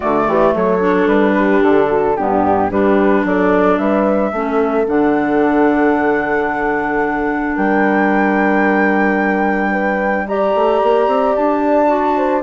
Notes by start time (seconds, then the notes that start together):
0.00 D3 A3 F#4 D5
0.27 E3 G4
0.54 F#3 A4 C#5
0.80 D4
1.07 G3 B4
1.36 G4
1.62 D3 A4
1.89 F#4
2.16 G2 B3 D4 G4
2.70 G3 D4 G4 B4
3.24 F#3 A4 D5
3.78 G3 B4 E5
4.32 A3 C#4 A4
4.85 D3 D4 F#5
7.55 G3 A#4 G5
9.71 B4
10.27 G4 D5 A#5
10.54 A3
10.83 A#3
11.07 C4
11.35 D4 A5
11.86 F#4
12.16 C5